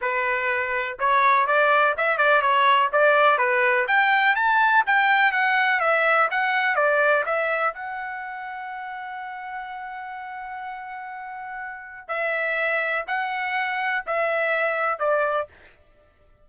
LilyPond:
\new Staff \with { instrumentName = "trumpet" } { \time 4/4 \tempo 4 = 124 b'2 cis''4 d''4 | e''8 d''8 cis''4 d''4 b'4 | g''4 a''4 g''4 fis''4 | e''4 fis''4 d''4 e''4 |
fis''1~ | fis''1~ | fis''4 e''2 fis''4~ | fis''4 e''2 d''4 | }